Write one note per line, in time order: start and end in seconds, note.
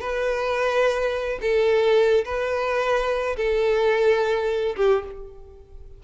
0.00 1.39 B4
1.41 2.24 A4
2.25 3.36 B4
3.36 4.75 A4
4.76 5.04 G4